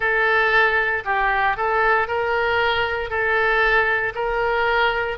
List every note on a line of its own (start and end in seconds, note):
0.00 1.03 A4
1.04 1.56 G4
1.56 2.07 A4
2.07 3.09 A#4
3.09 4.13 A4
4.14 5.18 A#4